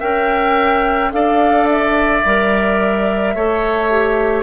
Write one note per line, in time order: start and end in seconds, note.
0.00 1.12 C#4
0.00 1.11 A#4
0.00 1.11 E5
0.00 1.12 G5
1.12 2.24 D4
1.12 2.23 A4
1.12 3.34 D5
1.12 1.68 F5
1.69 4.42 E5
2.25 3.35 G3
2.25 3.36 A#4
3.34 4.42 A3
3.34 3.91 A4
3.34 4.42 C#5
3.91 4.42 G4